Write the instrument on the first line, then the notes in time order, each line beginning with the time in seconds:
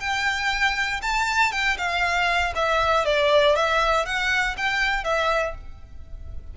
violin
0.00 G5
1.02 A5
1.52 G5
1.78 F5
2.55 E5
3.05 D5
3.55 E5
4.06 F#5
4.57 G5
5.04 E5